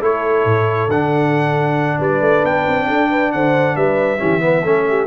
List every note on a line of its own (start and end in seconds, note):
0.00 0.44 A3
0.00 0.88 E4
0.00 1.98 A4
0.00 0.90 C#5
0.44 0.88 A2
0.88 1.98 D3
0.88 4.18 D4
0.88 2.00 F#5
1.98 2.20 G3
1.98 2.86 B4
1.98 2.45 D5
2.20 2.42 A3
2.44 2.66 B3
2.44 3.32 G5
2.66 2.89 C4
2.87 3.34 D4
2.87 3.09 A4
3.10 3.32 B4
3.32 3.76 D3
3.32 3.76 C5
3.32 3.76 F#5
3.76 4.20 G3
3.76 4.20 B4
3.76 5.07 E5
4.18 4.64 E3
4.18 4.39 C#4
4.18 4.42 G4
4.39 4.61 B3
4.39 4.63 B4
4.63 5.07 A3
4.63 5.07 C#4
4.63 4.85 A4
4.89 5.07 G4